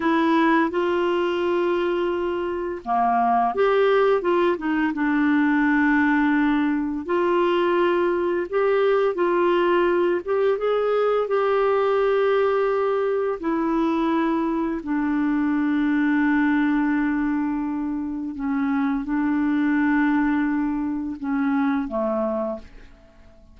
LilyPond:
\new Staff \with { instrumentName = "clarinet" } { \time 4/4 \tempo 4 = 85 e'4 f'2. | ais4 g'4 f'8 dis'8 d'4~ | d'2 f'2 | g'4 f'4. g'8 gis'4 |
g'2. e'4~ | e'4 d'2.~ | d'2 cis'4 d'4~ | d'2 cis'4 a4 | }